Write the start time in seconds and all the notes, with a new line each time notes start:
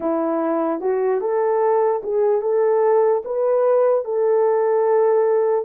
0.00 E4
0.80 F#4
1.20 A4
2.03 G#4
2.41 A4
3.24 B4
4.04 A4